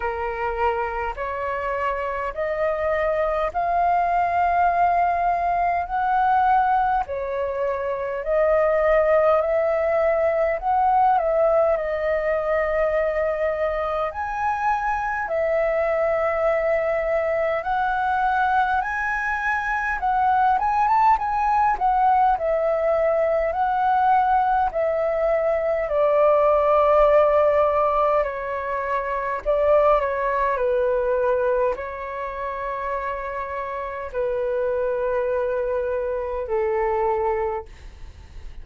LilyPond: \new Staff \with { instrumentName = "flute" } { \time 4/4 \tempo 4 = 51 ais'4 cis''4 dis''4 f''4~ | f''4 fis''4 cis''4 dis''4 | e''4 fis''8 e''8 dis''2 | gis''4 e''2 fis''4 |
gis''4 fis''8 gis''16 a''16 gis''8 fis''8 e''4 | fis''4 e''4 d''2 | cis''4 d''8 cis''8 b'4 cis''4~ | cis''4 b'2 a'4 | }